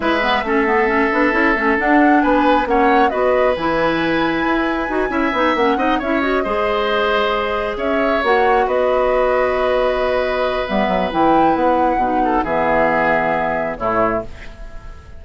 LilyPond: <<
  \new Staff \with { instrumentName = "flute" } { \time 4/4 \tempo 4 = 135 e''1 | fis''4 gis''4 fis''4 dis''4 | gis''1~ | gis''8 fis''4 e''8 dis''2~ |
dis''4. e''4 fis''4 dis''8~ | dis''1 | e''4 g''4 fis''2 | e''2. cis''4 | }
  \new Staff \with { instrumentName = "oboe" } { \time 4/4 b'4 a'2.~ | a'4 b'4 cis''4 b'4~ | b'2.~ b'8 e''8~ | e''4 dis''8 cis''4 c''4.~ |
c''4. cis''2 b'8~ | b'1~ | b'2.~ b'8 a'8 | gis'2. e'4 | }
  \new Staff \with { instrumentName = "clarinet" } { \time 4/4 e'8 b8 cis'8 b8 cis'8 d'8 e'8 cis'8 | d'2 cis'4 fis'4 | e'2. fis'8 e'8 | dis'8 cis'8 dis'8 e'8 fis'8 gis'4.~ |
gis'2~ gis'8 fis'4.~ | fis'1 | b4 e'2 dis'4 | b2. a4 | }
  \new Staff \with { instrumentName = "bassoon" } { \time 4/4 gis4 a4. b8 cis'8 a8 | d'4 b4 ais4 b4 | e2 e'4 dis'8 cis'8 | b8 ais8 c'8 cis'4 gis4.~ |
gis4. cis'4 ais4 b8~ | b1 | g8 fis8 e4 b4 b,4 | e2. a,4 | }
>>